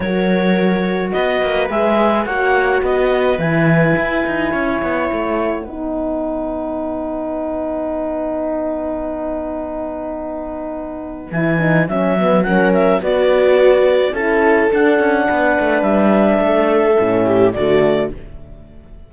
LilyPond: <<
  \new Staff \with { instrumentName = "clarinet" } { \time 4/4 \tempo 4 = 106 cis''2 dis''4 e''4 | fis''4 dis''4 gis''2~ | gis''4 fis''2.~ | fis''1~ |
fis''1 | gis''4 e''4 fis''8 e''8 d''4~ | d''4 a''4 fis''2 | e''2. d''4 | }
  \new Staff \with { instrumentName = "viola" } { \time 4/4 ais'2 b'2 | cis''4 b'2. | cis''2 b'2~ | b'1~ |
b'1~ | b'2 ais'4 fis'4~ | fis'4 a'2 b'4~ | b'4 a'4. g'8 fis'4 | }
  \new Staff \with { instrumentName = "horn" } { \time 4/4 fis'2. gis'4 | fis'2 e'2~ | e'2 dis'2~ | dis'1~ |
dis'1 | e'8 dis'8 cis'8 b8 cis'4 b4~ | b4 e'4 d'2~ | d'2 cis'4 a4 | }
  \new Staff \with { instrumentName = "cello" } { \time 4/4 fis2 b8 ais8 gis4 | ais4 b4 e4 e'8 dis'8 | cis'8 b8 a4 b2~ | b1~ |
b1 | e4 fis2 b4~ | b4 cis'4 d'8 cis'8 b8 a8 | g4 a4 a,4 d4 | }
>>